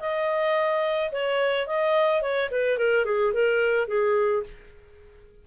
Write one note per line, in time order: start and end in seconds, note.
0.00 1.11 D#5
1.12 1.67 C#5
1.67 2.22 D#5
2.22 2.49 C#5
2.51 2.78 B4
2.78 3.05 A#4
3.05 3.33 G#4
3.33 3.88 A#4
3.88 4.43 G#4